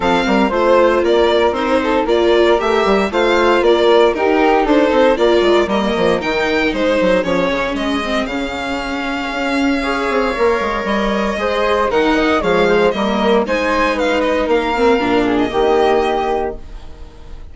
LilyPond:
<<
  \new Staff \with { instrumentName = "violin" } { \time 4/4 \tempo 4 = 116 f''4 c''4 d''4 c''4 | d''4 e''4 f''4 d''4 | ais'4 c''4 d''4 dis''4 | g''4 c''4 cis''4 dis''4 |
f''1~ | f''4 dis''2 fis''4 | f''4 dis''4 gis''4 f''8 dis''8 | f''4.~ f''16 dis''2~ dis''16 | }
  \new Staff \with { instrumentName = "flute" } { \time 4/4 a'8 ais'8 c''4 ais'4. a'8 | ais'2 c''4 ais'4 | g'4 a'4 ais'2~ | ais'4 gis'2.~ |
gis'2. cis''4~ | cis''2 c''4 ais'8 dis''8 | cis''8 c''8 ais'4 c''4 b'4 | ais'4. gis'8 g'2 | }
  \new Staff \with { instrumentName = "viola" } { \time 4/4 c'4 f'2 dis'4 | f'4 g'4 f'2 | dis'2 f'4 ais4 | dis'2 cis'4. c'8 |
cis'2. gis'4 | ais'2 gis'4 dis'4 | gis4 ais4 dis'2~ | dis'8 c'8 d'4 ais2 | }
  \new Staff \with { instrumentName = "bassoon" } { \time 4/4 f8 g8 a4 ais4 c'4 | ais4 a8 g8 a4 ais4 | dis'4 d'8 c'8 ais8 gis8 g8 f8 | dis4 gis8 fis8 f8 cis8 gis4 |
cis2 cis'4. c'8 | ais8 gis8 g4 gis4 dis4 | f4 g4 gis2 | ais4 ais,4 dis2 | }
>>